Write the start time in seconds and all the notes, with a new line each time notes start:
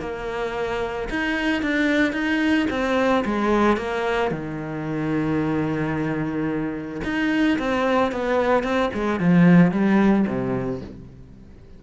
0.00 A#3
1.09 D#4
1.62 D4
2.13 D#4
2.70 C4
3.25 G#3
3.77 A#3
4.31 D#3
7.04 D#4
7.58 C4
8.12 B3
8.63 C4
8.93 G#3
9.19 F3
9.71 G3
10.27 C3